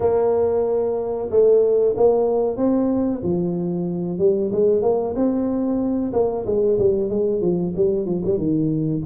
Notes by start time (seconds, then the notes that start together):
0.00 A#3
1.30 A3
1.96 A#3
2.56 C4
3.23 F3
4.18 G3
4.52 G#3
4.82 A#3
5.15 C4
6.12 A#3
6.46 G#3
6.78 G3
7.09 G#3
7.41 F3
7.76 G3
8.05 F3
8.25 G3
8.37 D#3